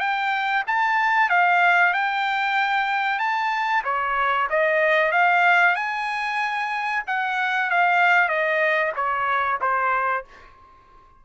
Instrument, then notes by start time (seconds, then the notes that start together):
trumpet
0.00 G5
0.68 A5
1.30 F5
1.94 G5
3.19 A5
3.85 C#5
4.50 D#5
5.12 F5
5.76 G#5
7.07 F#5
7.71 F5
8.29 D#5
8.96 C#5
9.62 C5